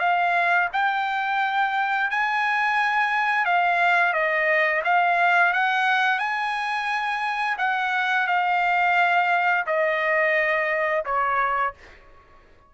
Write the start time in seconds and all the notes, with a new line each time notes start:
0.00 F5
0.73 G5
2.11 G#5
3.46 F5
4.14 D#5
4.85 F5
5.54 F#5
6.19 G#5
7.58 F#5
8.27 F5
9.67 D#5
11.06 C#5